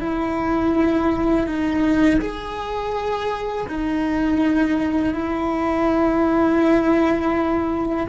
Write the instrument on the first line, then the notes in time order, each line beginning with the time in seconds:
cello
0.00 E4
1.46 D#4
2.21 G#4
3.68 D#4
5.14 E4